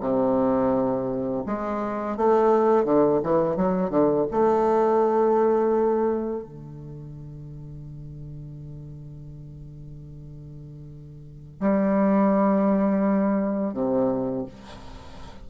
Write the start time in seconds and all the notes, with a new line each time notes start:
0.00 C3
1.46 G#3
2.17 A3
2.84 D3
3.23 E3
3.56 F#3
3.90 D3
4.31 A3
6.43 D3
11.60 G3
13.73 C3